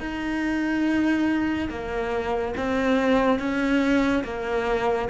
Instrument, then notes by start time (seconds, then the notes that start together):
cello
0.00 D#4
1.70 A#3
2.57 C4
3.40 C#4
4.24 A#3